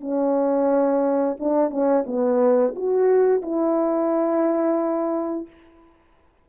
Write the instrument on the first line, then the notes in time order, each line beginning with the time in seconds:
horn
0.00 C#4
1.39 D4
1.70 C#4
2.06 B3
2.76 F#4
3.42 E4